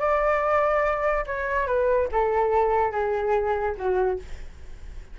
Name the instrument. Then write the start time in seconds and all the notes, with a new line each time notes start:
flute
0.00 D5
1.27 C#5
1.67 B4
2.12 A4
2.92 G#4
3.78 F#4